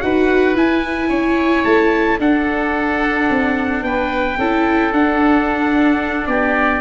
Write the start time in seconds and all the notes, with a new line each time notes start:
0.00 D#4 F#4 B4 F#5
0.55 E4 G#5
1.08 C#4 C#5
1.64 A3 A5
2.19 D4 A4 F#5
3.29 C4
3.82 B3 B4 G5
4.38 C#4 E4 A4
4.92 D4 F#5
6.26 B3 G4 D5